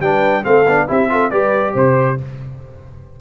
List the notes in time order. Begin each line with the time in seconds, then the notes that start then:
0.00 G3 D4 B4 G5
0.43 A3 C4 A4 F5
0.67 B3 D4
0.88 C4 E4 G4 E5
1.09 F4 A4
1.30 G3 G4 B4 D5
1.73 C3 C5